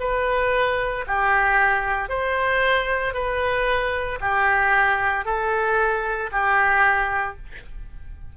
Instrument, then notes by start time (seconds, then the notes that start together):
oboe
0.00 B4
1.07 G4
2.09 C5
3.14 B4
4.21 G4
5.25 A4
6.32 G4